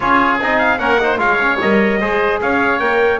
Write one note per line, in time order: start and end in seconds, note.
0.00 0.40 C#4
0.00 0.39 F4
0.00 0.79 G#4
0.00 0.39 C#5
0.40 0.79 C4
0.40 0.78 D#4
0.40 0.58 D#5
0.58 0.78 F5
0.78 1.18 A#3
0.78 0.98 C#4
0.78 0.99 A#4
0.78 1.18 F#5
1.00 1.18 D#4
1.00 1.19 C5
1.18 1.58 G#3
1.18 1.38 F4
1.18 1.99 C#5
1.18 1.59 F5
1.40 1.60 C#4
1.60 2.01 G3
1.60 2.01 A#4
1.60 2.40 D#5
1.99 2.41 G#3
1.99 2.80 G#4
1.99 2.39 C5
2.41 2.80 C#4
2.41 3.20 C#5
2.41 2.79 F5
2.79 3.20 A#3
2.79 3.20 A#4
2.79 3.19 G5